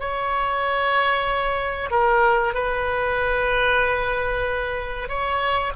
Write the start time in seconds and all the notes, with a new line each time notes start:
0.00 C#5
1.91 A#4
2.54 B4
5.09 C#5